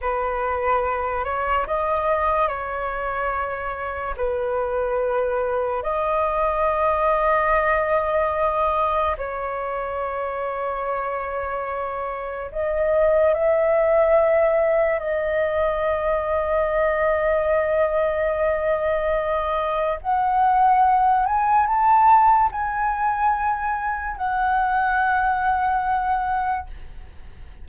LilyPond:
\new Staff \with { instrumentName = "flute" } { \time 4/4 \tempo 4 = 72 b'4. cis''8 dis''4 cis''4~ | cis''4 b'2 dis''4~ | dis''2. cis''4~ | cis''2. dis''4 |
e''2 dis''2~ | dis''1 | fis''4. gis''8 a''4 gis''4~ | gis''4 fis''2. | }